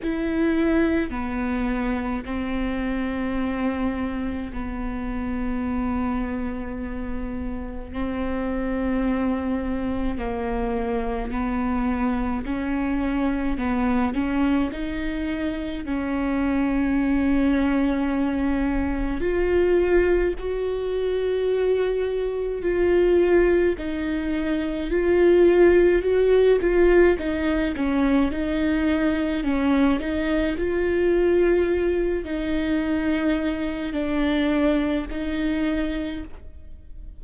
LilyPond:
\new Staff \with { instrumentName = "viola" } { \time 4/4 \tempo 4 = 53 e'4 b4 c'2 | b2. c'4~ | c'4 ais4 b4 cis'4 | b8 cis'8 dis'4 cis'2~ |
cis'4 f'4 fis'2 | f'4 dis'4 f'4 fis'8 f'8 | dis'8 cis'8 dis'4 cis'8 dis'8 f'4~ | f'8 dis'4. d'4 dis'4 | }